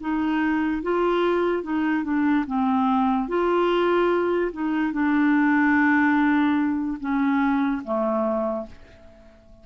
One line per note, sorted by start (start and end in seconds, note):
0.00 0.82 D#4
0.83 1.63 F4
1.63 2.04 D#4
2.04 2.45 D4
2.46 3.28 C4
3.28 4.51 F4
4.52 4.92 D#4
4.92 6.98 D4
7.00 7.82 C#4
7.84 8.66 A3